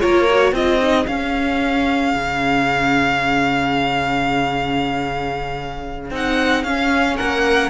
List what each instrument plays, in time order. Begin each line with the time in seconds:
0.00 cello A#3, viola F4, violin A#4 C#5
0.30 viola F#4
0.52 cello C4, viola F4, violin G#4 D#5
0.81 viola D#4
1.07 cello C#4, viola C#4, violin F5
2.14 cello C#3
6.11 cello C4, viola D#4, violin F#5
6.63 cello C#4, viola C#4, violin F5
7.17 cello A#3, violin A#4 F#5